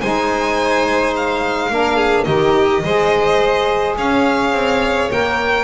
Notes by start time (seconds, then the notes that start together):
0.00 G#3 D#4 C5 G#5
1.16 F5
1.70 A#3 D4 A#4
1.96 G#4
2.24 D#3 D#4 G4 D#5
2.83 G#3 G#4 C5
3.97 C#4 C#5 F5
4.53 C4
5.11 A#3 A#4 G5